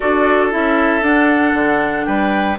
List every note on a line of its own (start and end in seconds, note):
0.00 0.54 D4
0.00 0.51 F#4
0.00 2.06 A4
0.00 0.48 D5
0.51 1.02 C#4
0.51 1.01 E4
0.51 1.03 E5
1.01 2.56 D4
1.01 1.53 D4
1.01 2.05 F#5
1.54 2.05 D3
2.05 2.58 G3
2.05 2.58 B4
2.05 2.56 G5